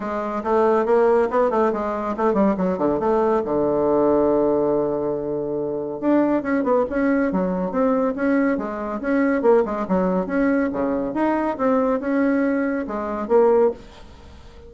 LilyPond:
\new Staff \with { instrumentName = "bassoon" } { \time 4/4 \tempo 4 = 140 gis4 a4 ais4 b8 a8 | gis4 a8 g8 fis8 d8 a4 | d1~ | d2 d'4 cis'8 b8 |
cis'4 fis4 c'4 cis'4 | gis4 cis'4 ais8 gis8 fis4 | cis'4 cis4 dis'4 c'4 | cis'2 gis4 ais4 | }